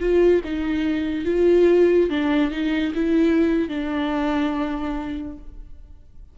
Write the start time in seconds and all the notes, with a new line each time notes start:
0.00 F4
0.44 D#4
1.25 F4
2.10 D4
2.51 D#4
2.95 E4
3.69 D4